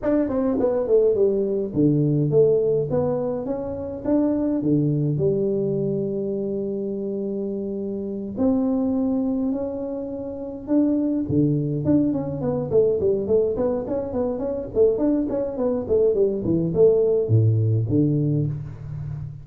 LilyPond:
\new Staff \with { instrumentName = "tuba" } { \time 4/4 \tempo 4 = 104 d'8 c'8 b8 a8 g4 d4 | a4 b4 cis'4 d'4 | d4 g2.~ | g2~ g8 c'4.~ |
c'8 cis'2 d'4 d8~ | d8 d'8 cis'8 b8 a8 g8 a8 b8 | cis'8 b8 cis'8 a8 d'8 cis'8 b8 a8 | g8 e8 a4 a,4 d4 | }